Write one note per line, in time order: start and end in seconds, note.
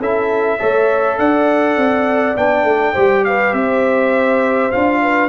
0.00 0.59 C#4
0.00 0.59 E4
0.00 0.59 A4
0.00 1.19 E5
0.59 1.19 A3
0.59 2.36 A4
0.59 1.18 C#5
1.19 1.77 D4
1.19 2.93 D5
1.19 2.36 F#5
1.77 2.36 C4
2.37 2.64 B3
2.37 2.95 D4
2.37 3.25 G5
2.64 2.93 A3
2.93 3.53 G3
2.93 4.72 G4
2.93 3.22 C5
3.25 3.55 B4
3.25 3.54 F5
3.53 4.71 C4
3.53 5.02 C5
3.53 4.71 E5
4.71 5.29 D4
4.71 5.29 F4
4.71 5.29 F5
5.02 5.29 B4